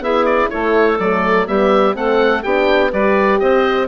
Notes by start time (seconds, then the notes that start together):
0.00 B3 E4 G#4 E5
0.25 D5
0.49 A3 E4 A4 C#5
0.99 F#3 A3 D5
1.46 G3 B3 G4 E5
1.93 A3 C4 A4 F#5
2.43 B3 D4 G4 G5
2.91 G3 G4 B4 D5
3.39 C4 C5 D#5